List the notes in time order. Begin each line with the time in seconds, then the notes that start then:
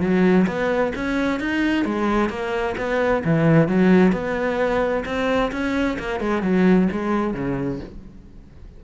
0.00 F#3
0.47 B3
0.95 C#4
1.40 D#4
1.85 G#3
2.29 A#3
2.77 B3
3.25 E3
3.68 F#3
4.12 B3
5.05 C4
5.51 C#4
5.99 A#3
6.20 G#3
6.42 F#3
6.92 G#3
7.34 C#3